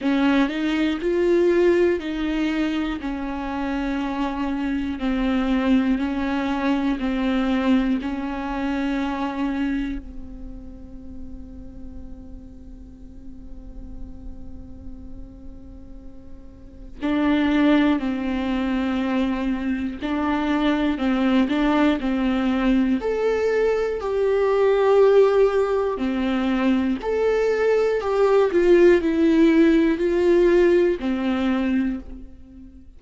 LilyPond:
\new Staff \with { instrumentName = "viola" } { \time 4/4 \tempo 4 = 60 cis'8 dis'8 f'4 dis'4 cis'4~ | cis'4 c'4 cis'4 c'4 | cis'2 c'2~ | c'1~ |
c'4 d'4 c'2 | d'4 c'8 d'8 c'4 a'4 | g'2 c'4 a'4 | g'8 f'8 e'4 f'4 c'4 | }